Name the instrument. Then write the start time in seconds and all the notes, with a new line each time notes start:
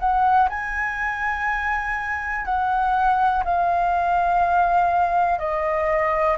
flute
0.00 F#5
0.50 G#5
2.45 F#5
3.45 F5
5.39 D#5